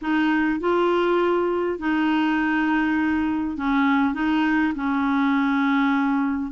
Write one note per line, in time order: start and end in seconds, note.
0.01 0.59 D#4
0.59 1.78 F4
1.78 3.57 D#4
3.57 4.14 C#4
4.14 4.73 D#4
4.75 6.52 C#4